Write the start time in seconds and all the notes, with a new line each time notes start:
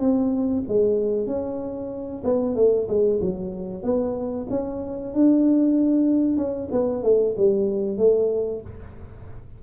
0.00 C4
0.68 G#3
1.27 C#4
2.24 B3
2.56 A3
2.88 G#3
3.21 F#3
3.83 B3
4.50 C#4
5.14 D4
6.37 C#4
6.72 B3
7.04 A3
7.38 G3
7.98 A3